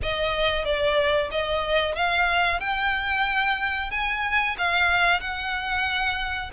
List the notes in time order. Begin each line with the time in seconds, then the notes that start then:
0.02 D#5
0.64 D5
1.31 D#5
1.95 F5
2.60 G5
3.90 G#5
4.57 F5
5.20 F#5